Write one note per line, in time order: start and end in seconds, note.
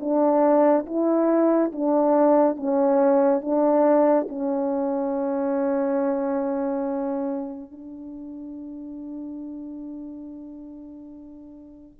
0.00 0.86 D4
0.86 1.72 E4
1.72 2.56 D4
2.56 3.41 C#4
3.41 4.27 D4
4.29 7.72 C#4
7.72 12.00 D4